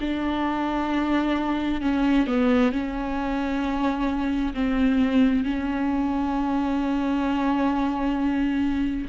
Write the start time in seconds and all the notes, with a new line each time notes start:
0.00 D4
1.81 C#4
2.26 B3
2.71 C#4
4.53 C4
5.44 C#4